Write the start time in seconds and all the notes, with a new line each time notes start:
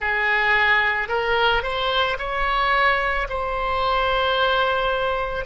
0.00 G#4
1.08 A#4
1.62 C5
2.18 C#5
3.29 C5